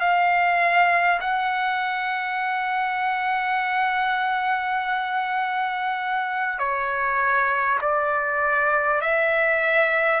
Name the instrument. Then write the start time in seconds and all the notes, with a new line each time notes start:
trumpet
0.00 F5
1.20 F#5
6.58 C#5
7.81 D5
9.01 E5